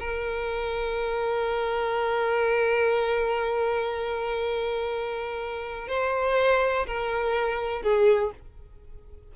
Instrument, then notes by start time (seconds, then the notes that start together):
violin
0.00 A#4
5.88 C5
6.87 A#4
7.83 G#4